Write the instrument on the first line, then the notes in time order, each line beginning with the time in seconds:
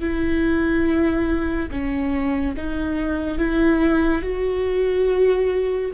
viola
0.00 E4
1.71 C#4
2.57 D#4
3.38 E4
4.22 F#4